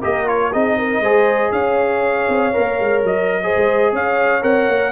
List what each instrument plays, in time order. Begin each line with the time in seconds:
0.00 tuba A#3, trombone G4, horn A#4, trumpet D#5
0.27 trombone F4, trumpet C#5
0.52 tuba C4, trombone D#4, horn G#4, trumpet D#5
0.79 horn A#4
1.00 tuba G#3, trombone G#4, horn C5
1.52 tuba C#4, horn C#5, trumpet F5
2.29 tuba C4
2.54 tuba A#3, trombone A#4
2.80 tuba G#3
3.04 tuba F#3, trumpet D#5
3.44 trombone G#4, horn C5
3.57 tuba G#3
3.93 tuba C#4, horn C#5, trumpet F5
4.42 tuba C4, trombone A#4, trumpet F#5
4.68 tuba A#3